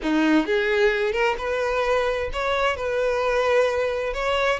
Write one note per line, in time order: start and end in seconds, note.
0.02 0.46 D#4
0.46 1.12 G#4
1.12 1.35 A#4
1.37 2.30 B4
2.32 2.76 C#5
2.76 4.13 B4
4.13 4.59 C#5